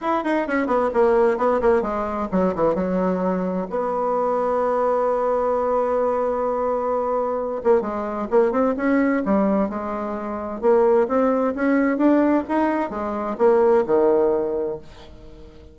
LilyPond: \new Staff \with { instrumentName = "bassoon" } { \time 4/4 \tempo 4 = 130 e'8 dis'8 cis'8 b8 ais4 b8 ais8 | gis4 fis8 e8 fis2 | b1~ | b1~ |
b8 ais8 gis4 ais8 c'8 cis'4 | g4 gis2 ais4 | c'4 cis'4 d'4 dis'4 | gis4 ais4 dis2 | }